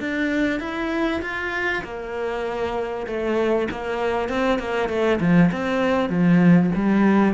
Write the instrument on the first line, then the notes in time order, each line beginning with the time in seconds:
cello
0.00 D4
0.60 E4
1.22 F4
1.84 A#3
3.07 A3
3.71 A#3
4.29 C4
4.59 A#3
4.89 A3
5.20 F3
5.52 C4
6.09 F3
6.75 G3